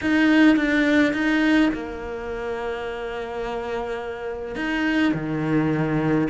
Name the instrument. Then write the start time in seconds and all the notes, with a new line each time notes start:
cello
0.01 D#4
0.56 D4
1.13 D#4
1.73 A#3
4.55 D#4
5.13 D#3